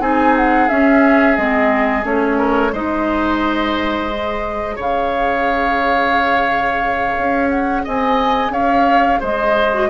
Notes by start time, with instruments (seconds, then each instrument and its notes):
0.00 bassoon C4, clarinet D#4, oboe G#4, flute G#5
0.37 flute F#5
0.68 clarinet C#4, bassoon C#4, flute E5
1.36 bassoon G#3, clarinet C4, flute D#5
2.03 bassoon A3, clarinet C#4, flute C#5
2.38 oboe A#4
2.72 bassoon G#3, clarinet D#4, oboe C5, flute D#5
4.11 clarinet G#4
4.76 bassoon C#3, oboe C#5, flute F5
7.18 bassoon C#4
7.50 flute F#5
7.84 bassoon C4, oboe D#5, flute G#5
8.50 bassoon C#4, oboe C#5, flute F5
9.20 bassoon G#3, oboe C5, flute D#5
9.73 clarinet F#4